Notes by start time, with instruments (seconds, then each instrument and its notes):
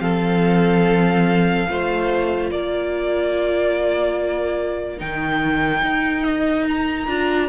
0.00 cello F3, viola C4, violin A4 F5
1.69 cello A3, viola F4, violin C5
2.51 cello A#3, violin A#4 D5
4.98 cello D#3, viola D#4, violin G5
5.83 cello D#4
6.24 violin D#5
6.69 violin A#5
7.07 cello D4, viola F4